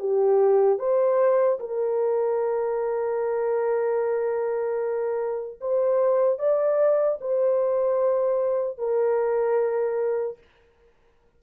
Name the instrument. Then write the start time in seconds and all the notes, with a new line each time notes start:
horn
0.00 G4
0.79 C5
1.60 A#4
5.61 C5
6.39 D5
7.21 C5
8.79 A#4